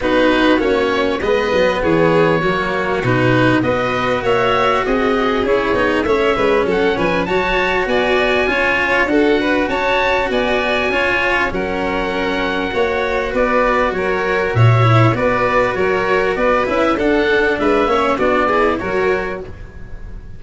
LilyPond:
<<
  \new Staff \with { instrumentName = "oboe" } { \time 4/4 \tempo 4 = 99 b'4 cis''4 dis''4 cis''4~ | cis''4 b'4 dis''4 e''4 | dis''4 cis''4 e''4 fis''8 gis''8 | a''4 gis''2 fis''4 |
a''4 gis''2 fis''4~ | fis''2 d''4 cis''4 | e''4 d''4 cis''4 d''8 e''8 | fis''4 e''4 d''4 cis''4 | }
  \new Staff \with { instrumentName = "violin" } { \time 4/4 fis'2 b'4 gis'4 | fis'2 b'4 cis''4 | gis'2 cis''8 b'8 a'8 b'8 | cis''4 d''4 cis''4 a'8 b'8 |
cis''4 d''4 cis''4 ais'4~ | ais'4 cis''4 b'4 ais'4 | cis''4 b'4 ais'4 b'4 | a'4 b'8 cis''8 fis'8 gis'8 ais'4 | }
  \new Staff \with { instrumentName = "cello" } { \time 4/4 dis'4 cis'4 b2 | ais4 dis'4 fis'2~ | fis'4 e'8 dis'8 cis'2 | fis'2 f'4 fis'4~ |
fis'2 f'4 cis'4~ | cis'4 fis'2.~ | fis'8 e'8 fis'2~ fis'8 e'8 | d'4. cis'8 d'8 e'8 fis'4 | }
  \new Staff \with { instrumentName = "tuba" } { \time 4/4 b4 ais4 gis8 fis8 e4 | fis4 b,4 b4 ais4 | c'4 cis'8 b8 a8 gis8 fis8 f8 | fis4 b4 cis'4 d'4 |
cis'4 b4 cis'4 fis4~ | fis4 ais4 b4 fis4 | ais,4 b4 fis4 b8 cis'8 | d'4 gis8 ais8 b4 fis4 | }
>>